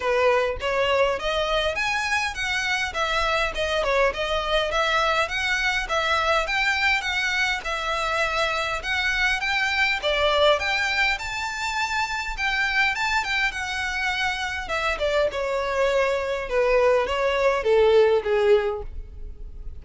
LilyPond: \new Staff \with { instrumentName = "violin" } { \time 4/4 \tempo 4 = 102 b'4 cis''4 dis''4 gis''4 | fis''4 e''4 dis''8 cis''8 dis''4 | e''4 fis''4 e''4 g''4 | fis''4 e''2 fis''4 |
g''4 d''4 g''4 a''4~ | a''4 g''4 a''8 g''8 fis''4~ | fis''4 e''8 d''8 cis''2 | b'4 cis''4 a'4 gis'4 | }